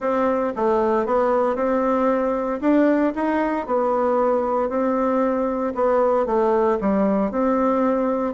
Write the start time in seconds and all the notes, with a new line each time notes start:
0.00 C4
0.56 A3
1.06 B3
1.55 C4
2.60 D4
3.15 D#4
3.66 B3
4.69 C4
5.75 B3
6.26 A3
6.80 G3
7.31 C4